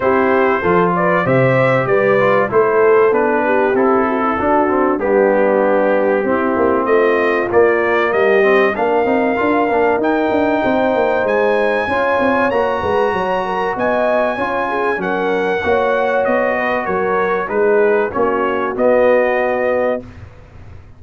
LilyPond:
<<
  \new Staff \with { instrumentName = "trumpet" } { \time 4/4 \tempo 4 = 96 c''4. d''8 e''4 d''4 | c''4 b'4 a'2 | g'2. dis''4 | d''4 dis''4 f''2 |
g''2 gis''2 | ais''2 gis''2 | fis''2 dis''4 cis''4 | b'4 cis''4 dis''2 | }
  \new Staff \with { instrumentName = "horn" } { \time 4/4 g'4 a'8 b'8 c''4 b'4 | a'4. g'4 fis'16 e'16 fis'4 | d'2 e'4 f'4~ | f'4 g'4 ais'2~ |
ais'4 c''2 cis''4~ | cis''8 b'8 cis''8 ais'8 dis''4 cis''8 gis'8 | ais'4 cis''4. b'8 ais'4 | gis'4 fis'2. | }
  \new Staff \with { instrumentName = "trombone" } { \time 4/4 e'4 f'4 g'4. f'8 | e'4 d'4 e'4 d'8 c'8 | b2 c'2 | ais4. c'8 d'8 dis'8 f'8 d'8 |
dis'2. f'4 | fis'2. f'4 | cis'4 fis'2. | dis'4 cis'4 b2 | }
  \new Staff \with { instrumentName = "tuba" } { \time 4/4 c'4 f4 c4 g4 | a4 b4 c'4 d'4 | g2 c'8 ais8 a4 | ais4 g4 ais8 c'8 d'8 ais8 |
dis'8 d'8 c'8 ais8 gis4 cis'8 c'8 | ais8 gis8 fis4 b4 cis'4 | fis4 ais4 b4 fis4 | gis4 ais4 b2 | }
>>